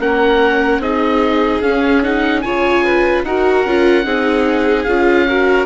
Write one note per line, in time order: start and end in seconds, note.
0.00 0.78 A#3
0.00 0.81 C#4
0.00 0.82 A#4
0.00 0.82 F#5
0.78 1.59 C4
0.78 1.62 D#4
0.78 2.44 G#4
0.78 1.62 D#5
1.62 2.03 C#4
1.62 2.44 C#4
1.62 2.03 F5
2.03 2.43 D#4
2.03 2.41 F#5
2.41 3.24 C#3
2.41 3.26 F4
2.41 2.85 C#5
2.41 3.22 G#5
2.85 3.25 B4
3.24 3.64 D#4
3.24 3.67 F#4
3.24 4.05 A#4
3.24 4.84 F#5
3.65 4.05 C#4
3.65 4.04 F4
4.04 4.86 C4
4.04 4.85 D#4
4.04 5.27 G#4
4.84 5.66 C#4
4.84 5.28 F4
4.84 5.65 F5
5.28 5.66 F#4
5.28 5.66 A#4